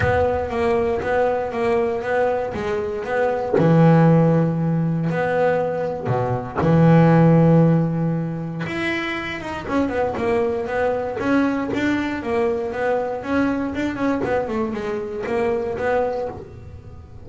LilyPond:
\new Staff \with { instrumentName = "double bass" } { \time 4/4 \tempo 4 = 118 b4 ais4 b4 ais4 | b4 gis4 b4 e4~ | e2 b2 | b,4 e2.~ |
e4 e'4. dis'8 cis'8 b8 | ais4 b4 cis'4 d'4 | ais4 b4 cis'4 d'8 cis'8 | b8 a8 gis4 ais4 b4 | }